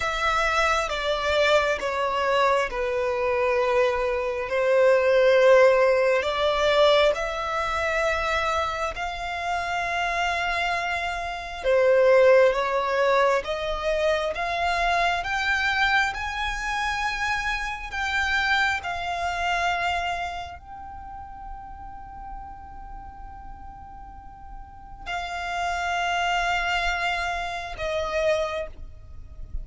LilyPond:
\new Staff \with { instrumentName = "violin" } { \time 4/4 \tempo 4 = 67 e''4 d''4 cis''4 b'4~ | b'4 c''2 d''4 | e''2 f''2~ | f''4 c''4 cis''4 dis''4 |
f''4 g''4 gis''2 | g''4 f''2 g''4~ | g''1 | f''2. dis''4 | }